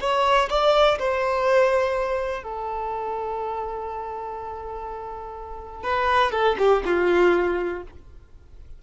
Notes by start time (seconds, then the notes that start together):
0.00 C#5
0.49 D5
0.99 C5
2.43 A4
5.83 B4
6.31 A4
6.58 G4
6.85 F4